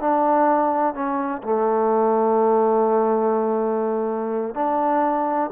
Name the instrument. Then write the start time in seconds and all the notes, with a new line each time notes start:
trombone
0.00 D4
0.94 C#4
1.43 A3
4.54 D4